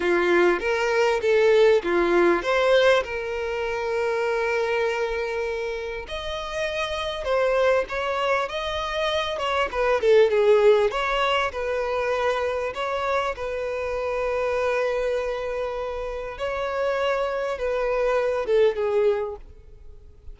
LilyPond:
\new Staff \with { instrumentName = "violin" } { \time 4/4 \tempo 4 = 99 f'4 ais'4 a'4 f'4 | c''4 ais'2.~ | ais'2 dis''2 | c''4 cis''4 dis''4. cis''8 |
b'8 a'8 gis'4 cis''4 b'4~ | b'4 cis''4 b'2~ | b'2. cis''4~ | cis''4 b'4. a'8 gis'4 | }